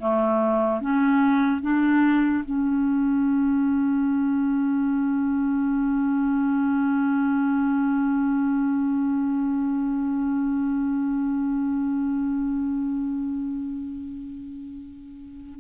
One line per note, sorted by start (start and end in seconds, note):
0.00 0.81 A3
0.81 1.62 C#4
1.62 2.44 D4
2.45 15.60 C#4